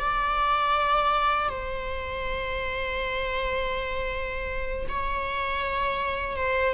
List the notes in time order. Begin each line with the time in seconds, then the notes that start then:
0.00 D5
1.50 C5
4.90 C#5
6.37 C5